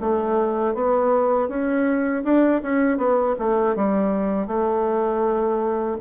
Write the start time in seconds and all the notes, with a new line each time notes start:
0.00 A3
0.74 B3
1.48 C#4
2.24 D4
2.62 C#4
2.98 B3
3.39 A3
3.75 G3
4.47 A3